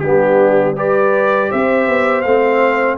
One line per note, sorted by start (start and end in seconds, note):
0.00 1.50 G3
0.00 0.76 B3
0.00 0.76 D4
0.00 0.74 G4
0.76 2.25 G4
0.76 1.50 B4
0.76 1.51 D5
1.50 1.88 C4
1.50 2.98 C5
1.50 2.21 E5
1.88 2.25 B3
2.21 2.98 A3
2.21 2.98 C4
2.21 2.95 F5